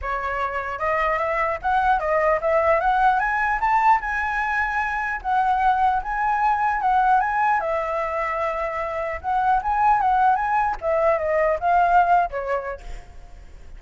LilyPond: \new Staff \with { instrumentName = "flute" } { \time 4/4 \tempo 4 = 150 cis''2 dis''4 e''4 | fis''4 dis''4 e''4 fis''4 | gis''4 a''4 gis''2~ | gis''4 fis''2 gis''4~ |
gis''4 fis''4 gis''4 e''4~ | e''2. fis''4 | gis''4 fis''4 gis''4 e''4 | dis''4 f''4.~ f''16 cis''4~ cis''16 | }